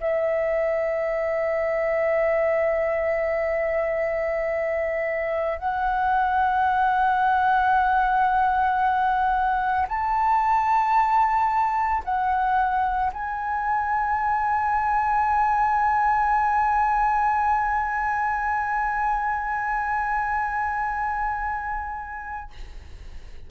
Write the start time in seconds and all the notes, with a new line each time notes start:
0.00 E5
5.58 F#5
9.88 A5
12.04 F#5
13.12 G#5